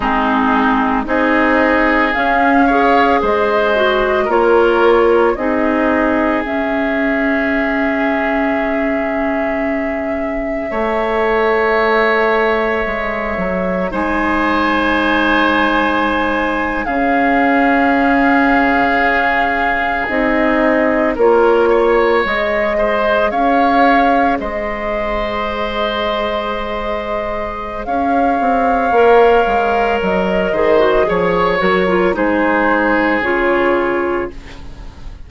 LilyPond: <<
  \new Staff \with { instrumentName = "flute" } { \time 4/4 \tempo 4 = 56 gis'4 dis''4 f''4 dis''4 | cis''4 dis''4 e''2~ | e''1~ | e''4 gis''2~ gis''8. f''16~ |
f''2~ f''8. dis''4 cis''16~ | cis''8. dis''4 f''4 dis''4~ dis''16~ | dis''2 f''2 | dis''4 cis''8 ais'8 c''4 cis''4 | }
  \new Staff \with { instrumentName = "oboe" } { \time 4/4 dis'4 gis'4. cis''8 c''4 | ais'4 gis'2.~ | gis'2 cis''2~ | cis''4 c''2~ c''8. gis'16~ |
gis'2.~ gis'8. ais'16~ | ais'16 cis''4 c''8 cis''4 c''4~ c''16~ | c''2 cis''2~ | cis''8 c''8 cis''4 gis'2 | }
  \new Staff \with { instrumentName = "clarinet" } { \time 4/4 c'4 dis'4 cis'8 gis'4 fis'8 | f'4 dis'4 cis'2~ | cis'2 a'2~ | a'4 dis'2~ dis'8. cis'16~ |
cis'2~ cis'8. dis'4 f'16~ | f'8. gis'2.~ gis'16~ | gis'2. ais'4~ | ais'8 gis'16 fis'16 gis'8 fis'16 f'16 dis'4 f'4 | }
  \new Staff \with { instrumentName = "bassoon" } { \time 4/4 gis4 c'4 cis'4 gis4 | ais4 c'4 cis'2~ | cis'2 a2 | gis8 fis8 gis2~ gis8. cis16~ |
cis2~ cis8. c'4 ais16~ | ais8. gis4 cis'4 gis4~ gis16~ | gis2 cis'8 c'8 ais8 gis8 | fis8 dis8 f8 fis8 gis4 cis4 | }
>>